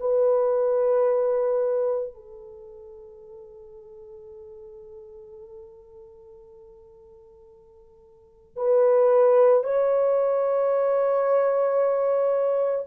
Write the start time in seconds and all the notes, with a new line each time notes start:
0.00 B4
2.14 A4
8.57 B4
9.64 C#5